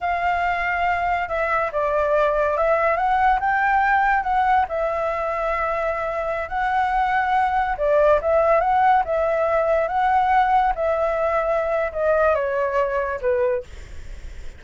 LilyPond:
\new Staff \with { instrumentName = "flute" } { \time 4/4 \tempo 4 = 141 f''2. e''4 | d''2 e''4 fis''4 | g''2 fis''4 e''4~ | e''2.~ e''16 fis''8.~ |
fis''2~ fis''16 d''4 e''8.~ | e''16 fis''4 e''2 fis''8.~ | fis''4~ fis''16 e''2~ e''8. | dis''4 cis''2 b'4 | }